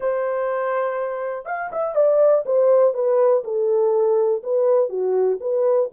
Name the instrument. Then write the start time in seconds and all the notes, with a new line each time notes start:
horn
0.00 C5
1.45 F5
1.71 E5
1.95 D5
2.45 C5
2.94 B4
3.44 A4
4.43 B4
4.89 F#4
5.40 B4